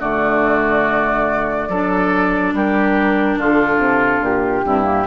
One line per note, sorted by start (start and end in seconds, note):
0.00 1.69 D3
0.00 1.69 A3
0.00 1.69 F#4
0.00 2.54 D5
1.69 2.53 F#3
1.69 4.65 D4
1.69 2.54 A4
2.53 3.37 G3
2.53 3.39 G4
2.53 3.41 A#4
3.37 3.78 D3
3.37 4.66 F4
3.37 4.25 A4
3.78 4.20 C3
4.21 4.63 A#2
4.21 5.07 G4
4.65 5.07 G2
4.65 4.83 C4
4.65 5.07 E4
4.83 5.04 A#3